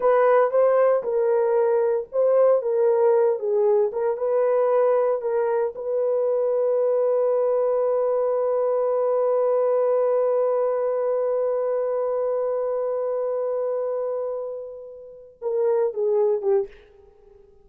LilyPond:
\new Staff \with { instrumentName = "horn" } { \time 4/4 \tempo 4 = 115 b'4 c''4 ais'2 | c''4 ais'4. gis'4 ais'8 | b'2 ais'4 b'4~ | b'1~ |
b'1~ | b'1~ | b'1~ | b'4. ais'4 gis'4 g'8 | }